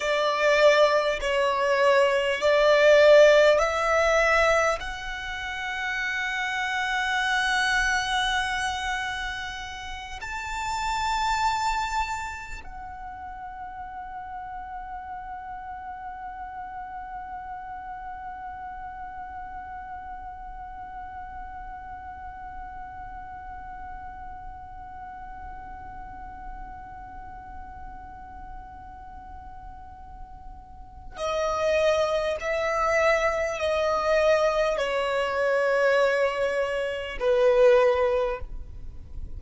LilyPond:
\new Staff \with { instrumentName = "violin" } { \time 4/4 \tempo 4 = 50 d''4 cis''4 d''4 e''4 | fis''1~ | fis''8 a''2 fis''4.~ | fis''1~ |
fis''1~ | fis''1~ | fis''2 dis''4 e''4 | dis''4 cis''2 b'4 | }